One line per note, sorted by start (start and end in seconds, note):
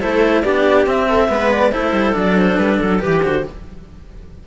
0.00 0.44 A3
0.00 0.43 E4
0.00 0.43 A4
0.00 0.42 C5
0.42 0.86 B3
0.42 0.86 D4
0.42 1.08 G4
0.42 0.85 D5
0.86 1.28 C4
0.86 1.29 C4
0.86 1.51 E5
1.09 1.30 A4
1.28 1.72 G#3
1.28 1.71 B3
1.28 1.72 B4
1.51 1.71 D5
1.71 1.91 A3
1.71 2.13 E4
1.71 3.01 A4
1.71 2.14 C5
1.91 2.13 G3
2.13 2.58 F#3
2.13 2.98 D4
2.19 2.38 D5
2.38 2.58 C5
2.58 2.79 G3
2.58 2.79 B4
2.80 3.04 F#3
2.80 3.01 A4
2.98 3.24 E3
2.98 3.20 G4
2.98 3.46 G4
2.98 3.23 B4
3.22 3.46 D3
3.22 3.44 F#4
3.22 3.45 C5